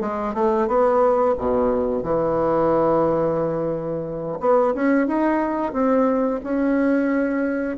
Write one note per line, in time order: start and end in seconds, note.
0.00 0.34 G#3
0.34 0.67 A3
0.67 1.35 B3
1.38 2.03 B2
2.03 4.39 E3
4.40 4.74 B3
4.74 5.07 C#4
5.07 5.73 D#4
5.73 6.40 C4
6.44 7.77 C#4